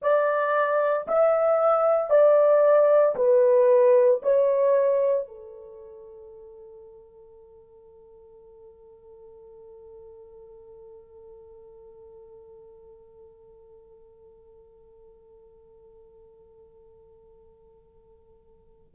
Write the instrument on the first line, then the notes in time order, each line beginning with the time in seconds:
horn
0.01 D5
1.07 E5
2.10 D5
3.15 B4
4.22 C#5
5.27 A4